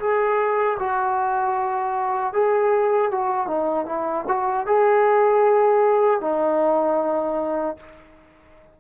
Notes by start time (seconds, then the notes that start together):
0.00 G#4
0.80 F#4
2.33 G#4
3.11 F#4
3.47 D#4
3.86 E4
4.28 F#4
4.67 G#4
6.21 D#4